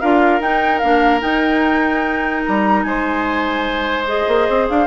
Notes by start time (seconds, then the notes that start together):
0.00 D4 F4 A#4 F5
0.40 D#4 G5
0.79 A#3 D4 F5
1.20 D#4 G5
2.46 G3 A#5
2.83 G#3 C5 G#5
4.06 G#4 D#5
4.28 A#3
4.49 C4
4.69 D4 F5